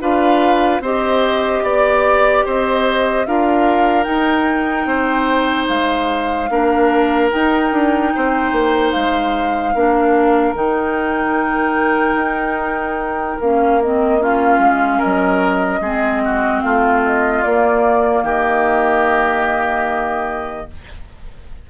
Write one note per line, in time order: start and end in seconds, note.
0.00 0.80 D4
0.00 0.81 F4
0.00 0.82 B4
0.00 0.82 F5
0.80 1.61 C4
0.80 3.27 G4
0.80 1.63 C5
0.80 1.64 D#5
1.63 2.44 B3
1.63 2.45 D5
2.45 3.26 C4
2.45 3.26 C5
2.45 3.26 D#5
3.26 4.06 D4
3.26 4.04 F4
3.26 4.87 A#4
3.26 4.04 F5
4.04 6.47 D#4
4.04 4.85 D#4
4.04 5.66 G5
4.85 5.66 C4
4.85 6.49 C5
5.68 6.50 G#3
5.68 7.30 F5
6.50 7.31 A#3
6.50 7.31 D4
6.50 8.13 A#4
7.31 9.74 D#4
7.31 7.72 D#4
7.31 8.91 G5
7.72 8.12 D4
8.15 8.52 C4
8.15 9.74 C5
8.52 8.92 A#3
8.91 9.74 G#3
8.91 10.53 F5
9.74 10.55 A#3
9.74 10.55 D4
9.74 14.20 A#4
10.55 12.15 D#3
10.55 13.39 D#4
10.55 13.40 G5
12.15 13.36 D#4
13.40 14.59 A#3
13.40 13.82 C#4
13.40 13.81 F5
13.82 14.19 C4
13.82 14.22 D#5
14.19 15.81 C#4
14.19 14.98 F4
14.19 15.01 F5
14.59 14.99 G#3
14.98 15.79 A#4
14.98 16.60 D#5
15.05 15.80 F#3
15.80 16.61 G#3
15.80 17.45 C4
15.80 16.22 G#4
16.24 16.63 F#4
16.60 17.44 A3
16.60 18.23 F4
16.60 17.01 F5
17.06 17.43 D#5
17.43 18.22 A#3
17.43 20.69 A#3
17.43 18.24 D5
18.22 20.66 D#3
18.22 20.67 G4
18.22 20.70 D#5